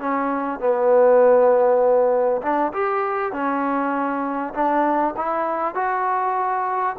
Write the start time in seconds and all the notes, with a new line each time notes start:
0.00 C#4
0.60 B3
2.42 D4
2.73 G4
3.33 C#4
4.54 D4
5.17 E4
5.75 F#4